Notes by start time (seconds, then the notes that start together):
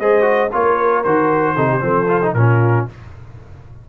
0.00 G#3 G#4 C5 D#5
0.22 F#4
0.53 A#3 F4 A#4 C#5
1.04 D#3 F#4 C5
1.56 C3 D#4 A4
1.69 G4
1.81 F3 C4 A4
2.09 F4
2.23 D#4
2.34 A#2 C#4 F4 A#4